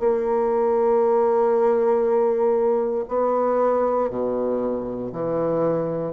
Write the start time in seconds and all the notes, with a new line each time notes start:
0.00 A#3
3.09 B3
4.10 B2
5.13 E3